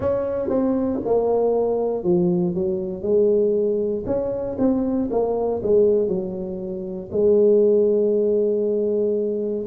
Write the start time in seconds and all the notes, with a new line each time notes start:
0.00 C#4
0.48 C4
1.04 A#3
2.03 F3
2.54 F#3
3.02 G#3
4.05 C#4
4.58 C4
5.10 A#3
5.62 G#3
6.07 F#3
7.11 G#3